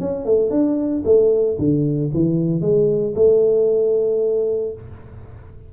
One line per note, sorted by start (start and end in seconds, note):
0.00 0.25 C#4
0.25 0.50 A3
0.50 1.03 D4
1.05 1.58 A3
1.58 2.11 D3
2.14 2.61 E3
2.61 3.14 G#3
3.16 4.73 A3